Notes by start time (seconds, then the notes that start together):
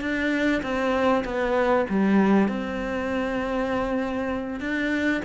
0.00 D4
0.62 C4
1.24 B3
1.89 G3
2.48 C4
4.60 D4